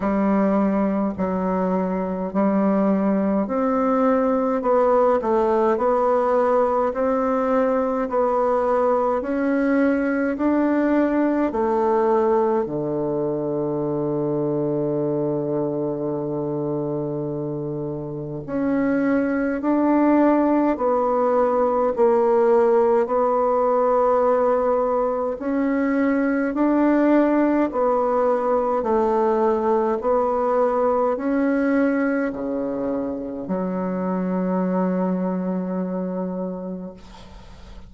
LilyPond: \new Staff \with { instrumentName = "bassoon" } { \time 4/4 \tempo 4 = 52 g4 fis4 g4 c'4 | b8 a8 b4 c'4 b4 | cis'4 d'4 a4 d4~ | d1 |
cis'4 d'4 b4 ais4 | b2 cis'4 d'4 | b4 a4 b4 cis'4 | cis4 fis2. | }